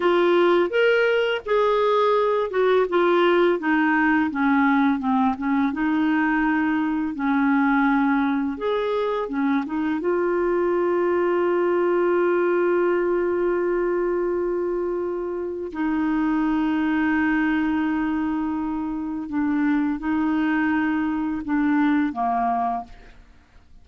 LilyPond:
\new Staff \with { instrumentName = "clarinet" } { \time 4/4 \tempo 4 = 84 f'4 ais'4 gis'4. fis'8 | f'4 dis'4 cis'4 c'8 cis'8 | dis'2 cis'2 | gis'4 cis'8 dis'8 f'2~ |
f'1~ | f'2 dis'2~ | dis'2. d'4 | dis'2 d'4 ais4 | }